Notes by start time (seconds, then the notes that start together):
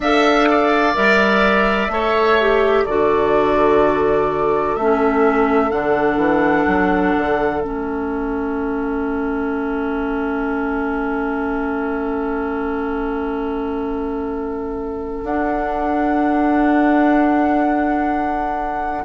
0.00 D4 A4 E5 F5
0.51 D5
0.94 G3 A#4 E5
1.88 A3 A4 C#5
2.40 G4
2.84 D3 F#4 A4 D5
4.75 A3 C#4 E5
5.70 D3 D4 F#5
6.16 E3
6.66 F#3
7.17 D3
7.60 A3 C#4 E5
15.22 D4 F#5